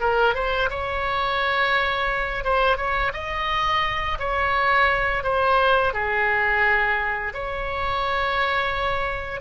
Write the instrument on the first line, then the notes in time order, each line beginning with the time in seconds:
oboe
0.00 A#4
0.35 C5
0.70 C#5
2.44 C5
2.77 C#5
3.14 D#5
4.19 C#5
5.23 C5
5.93 G#4
7.34 C#5